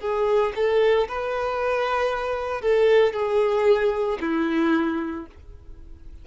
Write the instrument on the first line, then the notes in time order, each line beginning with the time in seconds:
violin
0.00 G#4
0.55 A4
1.08 B4
2.62 A4
3.13 G#4
4.21 E4